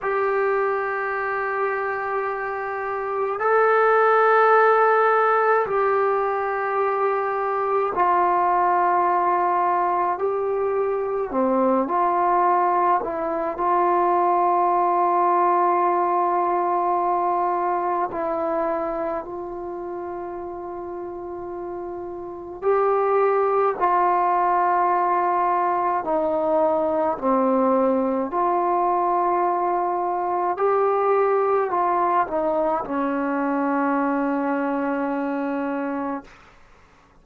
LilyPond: \new Staff \with { instrumentName = "trombone" } { \time 4/4 \tempo 4 = 53 g'2. a'4~ | a'4 g'2 f'4~ | f'4 g'4 c'8 f'4 e'8 | f'1 |
e'4 f'2. | g'4 f'2 dis'4 | c'4 f'2 g'4 | f'8 dis'8 cis'2. | }